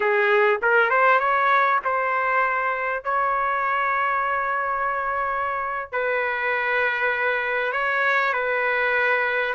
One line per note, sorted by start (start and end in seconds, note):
0.00 0.60 G#4
0.61 0.90 A#4
0.90 1.19 C5
1.19 1.80 C#5
1.84 3.04 C5
3.04 5.91 C#5
5.91 7.72 B4
7.72 8.33 C#5
8.33 9.54 B4